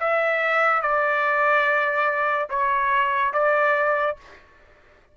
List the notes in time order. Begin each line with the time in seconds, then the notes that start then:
0.00 E5
0.82 D5
2.50 C#5
3.33 D5